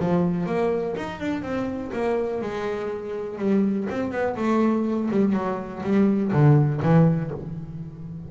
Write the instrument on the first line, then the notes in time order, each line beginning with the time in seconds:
double bass
0.00 F3
0.47 A#3
0.97 D#4
1.20 D4
1.43 C4
1.93 A#3
2.42 G#3
3.39 G3
3.90 C4
4.12 B3
4.37 A3
5.11 G3
5.33 F#3
5.83 G3
6.32 D3
6.82 E3